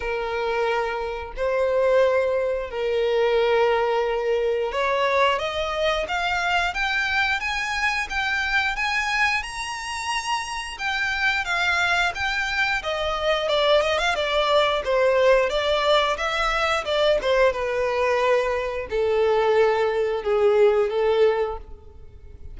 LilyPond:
\new Staff \with { instrumentName = "violin" } { \time 4/4 \tempo 4 = 89 ais'2 c''2 | ais'2. cis''4 | dis''4 f''4 g''4 gis''4 | g''4 gis''4 ais''2 |
g''4 f''4 g''4 dis''4 | d''8 dis''16 f''16 d''4 c''4 d''4 | e''4 d''8 c''8 b'2 | a'2 gis'4 a'4 | }